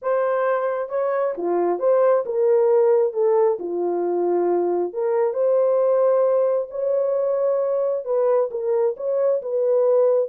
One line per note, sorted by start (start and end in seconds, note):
0.01 0.89 C5
0.89 1.34 C#5
1.37 1.79 F4
1.79 2.24 C5
2.25 3.13 A#4
3.13 3.58 A4
3.59 4.93 F4
4.93 5.33 A#4
5.33 6.68 C5
6.70 8.05 C#5
8.05 8.49 B4
8.50 8.95 A#4
8.96 9.41 C#5
9.42 10.29 B4